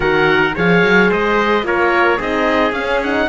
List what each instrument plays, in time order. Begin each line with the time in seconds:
0.00 cello D#3, horn F#4, trumpet A#4, oboe F#5
0.54 cello F3, horn G#4, trumpet C#5, oboe F5
0.82 cello F#3
1.09 cello G#3, trumpet C5, oboe D#5
1.63 cello A#3, horn F4, trumpet A#4, oboe C#5
2.17 cello C4, horn D#4, trumpet G#4, oboe D#5
2.72 cello C#4, horn C#4, oboe F5
3.03 horn D#4, oboe F#5